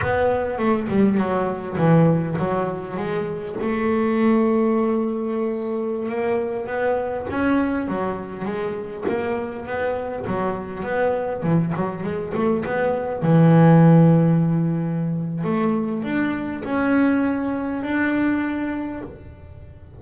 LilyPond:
\new Staff \with { instrumentName = "double bass" } { \time 4/4 \tempo 4 = 101 b4 a8 g8 fis4 e4 | fis4 gis4 a2~ | a2~ a16 ais4 b8.~ | b16 cis'4 fis4 gis4 ais8.~ |
ais16 b4 fis4 b4 e8 fis16~ | fis16 gis8 a8 b4 e4.~ e16~ | e2 a4 d'4 | cis'2 d'2 | }